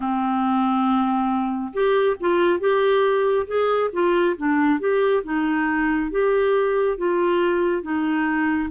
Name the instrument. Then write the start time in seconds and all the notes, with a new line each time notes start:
clarinet
0.00 C4
1.73 G4
2.20 F4
2.59 G4
3.46 G#4
3.92 F4
4.37 D4
4.79 G4
5.23 D#4
6.10 G4
6.97 F4
7.82 D#4